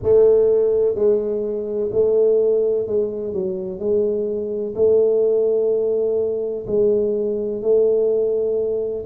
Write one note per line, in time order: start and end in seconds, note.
0.03 0.95 A3
0.95 1.90 G#3
1.91 2.87 A3
2.87 3.33 G#3
3.33 3.79 F#3
3.79 4.74 G#3
4.75 6.65 A3
6.67 7.61 G#3
7.61 9.04 A3